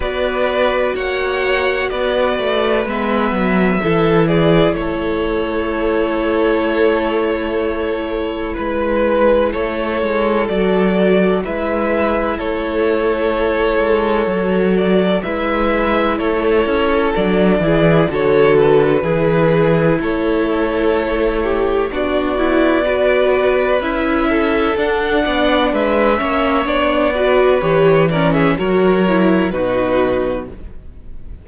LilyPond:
<<
  \new Staff \with { instrumentName = "violin" } { \time 4/4 \tempo 4 = 63 d''4 fis''4 d''4 e''4~ | e''8 d''8 cis''2.~ | cis''4 b'4 cis''4 d''4 | e''4 cis''2~ cis''8 d''8 |
e''4 cis''4 d''4 cis''8 b'8~ | b'4 cis''2 d''4~ | d''4 e''4 fis''4 e''4 | d''4 cis''8 d''16 e''16 cis''4 b'4 | }
  \new Staff \with { instrumentName = "violin" } { \time 4/4 b'4 cis''4 b'2 | a'8 gis'8 a'2.~ | a'4 b'4 a'2 | b'4 a'2. |
b'4 a'4. gis'8 a'4 | gis'4 a'4. g'8 fis'4 | b'4. a'4 d''8 b'8 cis''8~ | cis''8 b'4 ais'16 gis'16 ais'4 fis'4 | }
  \new Staff \with { instrumentName = "viola" } { \time 4/4 fis'2. b4 | e'1~ | e'2. fis'4 | e'2. fis'4 |
e'2 d'8 e'8 fis'4 | e'2. d'8 e'8 | fis'4 e'4 d'4. cis'8 | d'8 fis'8 g'8 cis'8 fis'8 e'8 dis'4 | }
  \new Staff \with { instrumentName = "cello" } { \time 4/4 b4 ais4 b8 a8 gis8 fis8 | e4 a2.~ | a4 gis4 a8 gis8 fis4 | gis4 a4. gis8 fis4 |
gis4 a8 cis'8 fis8 e8 d4 | e4 a2 b4~ | b4 cis'4 d'8 b8 gis8 ais8 | b4 e4 fis4 b,4 | }
>>